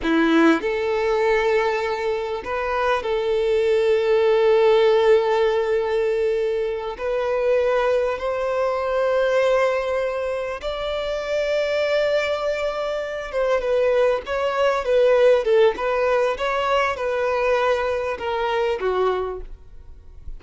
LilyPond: \new Staff \with { instrumentName = "violin" } { \time 4/4 \tempo 4 = 99 e'4 a'2. | b'4 a'2.~ | a'2.~ a'8 b'8~ | b'4. c''2~ c''8~ |
c''4. d''2~ d''8~ | d''2 c''8 b'4 cis''8~ | cis''8 b'4 a'8 b'4 cis''4 | b'2 ais'4 fis'4 | }